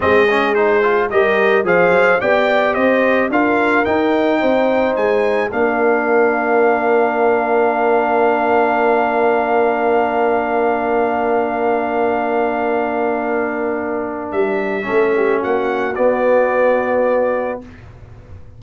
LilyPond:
<<
  \new Staff \with { instrumentName = "trumpet" } { \time 4/4 \tempo 4 = 109 dis''4 c''4 dis''4 f''4 | g''4 dis''4 f''4 g''4~ | g''4 gis''4 f''2~ | f''1~ |
f''1~ | f''1~ | f''2 e''2 | fis''4 d''2. | }
  \new Staff \with { instrumentName = "horn" } { \time 4/4 gis'2 ais'4 c''4 | d''4 c''4 ais'2 | c''2 ais'2~ | ais'1~ |
ais'1~ | ais'1~ | ais'2. a'8 g'8 | fis'1 | }
  \new Staff \with { instrumentName = "trombone" } { \time 4/4 c'8 cis'8 dis'8 f'8 g'4 gis'4 | g'2 f'4 dis'4~ | dis'2 d'2~ | d'1~ |
d'1~ | d'1~ | d'2. cis'4~ | cis'4 b2. | }
  \new Staff \with { instrumentName = "tuba" } { \time 4/4 gis2 g4 f8 fis8 | b4 c'4 d'4 dis'4 | c'4 gis4 ais2~ | ais1~ |
ais1~ | ais1~ | ais2 g4 a4 | ais4 b2. | }
>>